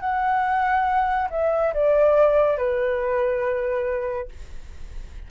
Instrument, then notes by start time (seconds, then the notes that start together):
flute
0.00 F#5
1.31 E5
1.74 D5
2.57 B4